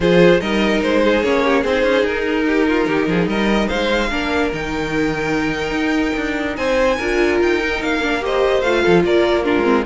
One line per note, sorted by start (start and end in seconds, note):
0.00 0.40 F3
0.00 0.41 F4
0.00 0.41 G#4
0.00 0.40 C5
0.40 0.81 G3
0.40 1.23 D#4
0.40 1.02 A#4
0.40 0.81 D#5
0.82 1.23 G#3
0.82 1.23 C5
1.03 1.44 G#4
1.23 1.64 A#3
1.23 1.64 C#4
1.23 1.64 C#5
1.44 1.61 G4
1.61 1.83 C4
1.61 2.43 G#4
1.61 2.05 C5
1.67 4.11 D#4
1.83 2.03 C#4
2.03 2.85 D#4
2.03 3.28 A#4
2.46 2.67 G4
2.67 2.87 F4
2.87 3.07 D#3
2.87 3.08 G4
3.07 3.26 F3
3.07 3.27 G#4
3.26 3.67 G3
3.26 3.68 A#4
3.26 3.68 D#5
3.68 4.11 G#3
3.68 4.09 C5
3.68 4.50 F5
4.10 4.52 A#3
4.10 4.52 D4
4.10 6.56 A#4
4.53 5.70 D#3
4.53 7.00 D#4
4.53 6.56 G5
5.70 6.12 D#4
6.16 6.57 D4
6.56 6.98 C4
6.56 6.97 C5
6.56 7.38 G#5
6.97 7.40 D4
6.97 7.61 F4
6.97 8.20 A#4
7.41 7.82 D#4
7.41 7.83 G5
7.61 8.02 D#4
7.82 8.62 A#3
7.82 8.24 F5
8.02 8.20 D4
8.20 8.61 G4
8.20 8.82 C5
8.20 8.61 D#5
8.61 8.82 A3
8.61 9.44 F4
8.61 9.02 F5
8.82 9.04 F3
8.82 9.03 A4
9.04 9.55 A#3
9.04 9.45 A#4
9.04 9.43 D5
9.43 9.63 D4
9.43 9.85 F4
9.43 9.84 A#4
9.56 9.85 G#3
9.63 9.83 C4